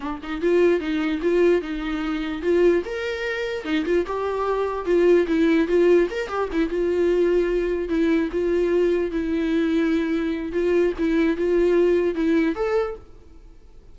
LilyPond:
\new Staff \with { instrumentName = "viola" } { \time 4/4 \tempo 4 = 148 d'8 dis'8 f'4 dis'4 f'4 | dis'2 f'4 ais'4~ | ais'4 dis'8 f'8 g'2 | f'4 e'4 f'4 ais'8 g'8 |
e'8 f'2. e'8~ | e'8 f'2 e'4.~ | e'2 f'4 e'4 | f'2 e'4 a'4 | }